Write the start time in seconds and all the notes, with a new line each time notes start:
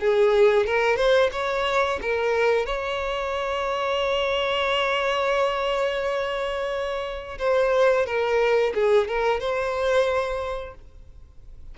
0.00 G#4
0.66 A#4
0.96 C5
1.32 C#5
2.01 A#4
2.66 C#5
7.39 C5
8.06 A#4
8.74 G#4
9.08 A#4
9.40 C5